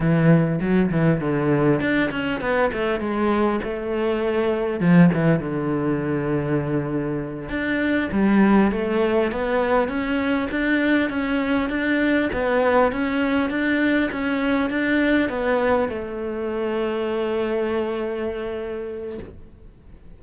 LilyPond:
\new Staff \with { instrumentName = "cello" } { \time 4/4 \tempo 4 = 100 e4 fis8 e8 d4 d'8 cis'8 | b8 a8 gis4 a2 | f8 e8 d2.~ | d8 d'4 g4 a4 b8~ |
b8 cis'4 d'4 cis'4 d'8~ | d'8 b4 cis'4 d'4 cis'8~ | cis'8 d'4 b4 a4.~ | a1 | }